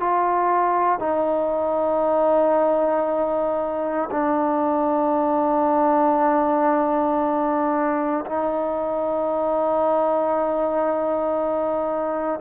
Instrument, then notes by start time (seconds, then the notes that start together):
trombone
0.00 F4
0.99 D#4
4.11 D4
8.26 D#4